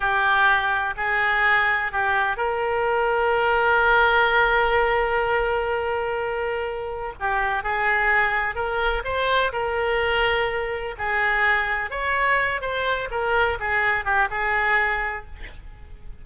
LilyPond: \new Staff \with { instrumentName = "oboe" } { \time 4/4 \tempo 4 = 126 g'2 gis'2 | g'4 ais'2.~ | ais'1~ | ais'2. g'4 |
gis'2 ais'4 c''4 | ais'2. gis'4~ | gis'4 cis''4. c''4 ais'8~ | ais'8 gis'4 g'8 gis'2 | }